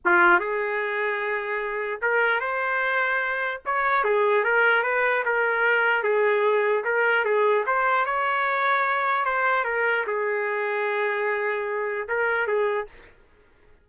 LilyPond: \new Staff \with { instrumentName = "trumpet" } { \time 4/4 \tempo 4 = 149 f'4 gis'2.~ | gis'4 ais'4 c''2~ | c''4 cis''4 gis'4 ais'4 | b'4 ais'2 gis'4~ |
gis'4 ais'4 gis'4 c''4 | cis''2. c''4 | ais'4 gis'2.~ | gis'2 ais'4 gis'4 | }